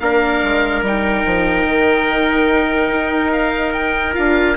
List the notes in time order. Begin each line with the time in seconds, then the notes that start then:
0.00 A#3 D4 A#4 F5
0.43 G#3
0.82 G3 D#4 G5
1.25 F3
1.65 D#3
2.91 D#4
3.33 F5
3.73 G5
4.14 D4 F4 F5